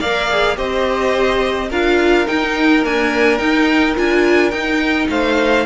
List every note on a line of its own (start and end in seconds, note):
0.00 0.57 A#3
0.00 0.30 A#4
0.00 0.57 D5
0.00 0.57 F5
0.30 0.56 G#4
0.56 1.70 C4
0.56 1.69 G4
0.56 1.70 C5
0.56 1.71 D#5
1.70 2.27 D4
1.70 2.27 F4
1.70 5.10 A#4
1.70 2.28 F5
2.27 2.83 D#4
2.27 2.85 D#4
2.27 2.84 G5
2.83 3.39 A#3
2.83 3.40 D4
2.83 3.38 G#5
3.38 3.95 D#4
3.38 3.97 D#4
3.38 3.94 G5
3.95 4.52 D4
3.95 4.52 F4
3.95 4.51 G#5
4.51 5.08 D#4
4.51 5.66 D#4
4.51 5.08 G5
5.09 5.66 A3
5.09 5.66 C5
5.09 5.66 F5